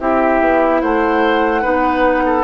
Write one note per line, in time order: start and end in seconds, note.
0.00 0.41 C4
0.00 1.63 E4
0.00 0.82 G4
0.00 0.81 E5
0.41 0.82 B3
0.81 1.65 A3
0.81 1.62 C5
0.81 2.44 F#5
1.62 2.44 B3
1.62 2.44 D#4
1.62 2.23 B4
2.26 2.44 A4